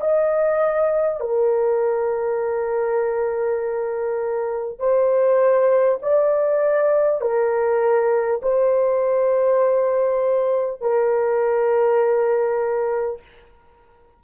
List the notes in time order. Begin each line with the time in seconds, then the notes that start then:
0.00 D#5
1.20 A#4
4.78 C5
6.02 D5
7.21 A#4
8.42 C5
10.81 A#4